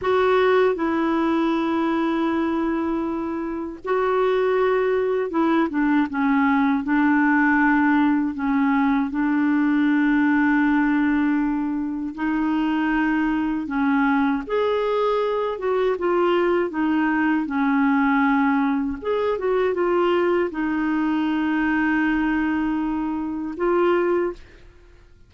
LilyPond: \new Staff \with { instrumentName = "clarinet" } { \time 4/4 \tempo 4 = 79 fis'4 e'2.~ | e'4 fis'2 e'8 d'8 | cis'4 d'2 cis'4 | d'1 |
dis'2 cis'4 gis'4~ | gis'8 fis'8 f'4 dis'4 cis'4~ | cis'4 gis'8 fis'8 f'4 dis'4~ | dis'2. f'4 | }